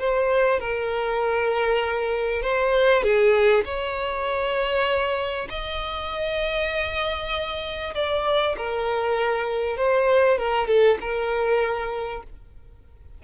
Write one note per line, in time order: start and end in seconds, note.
0.00 0.60 C5
0.60 2.43 A#4
2.43 3.04 C5
3.04 3.65 G#4
3.65 5.49 C#5
5.50 7.95 D#5
7.95 8.57 D5
8.58 9.77 A#4
9.77 10.39 C5
10.39 10.68 A#4
10.68 10.99 A4
11.01 12.23 A#4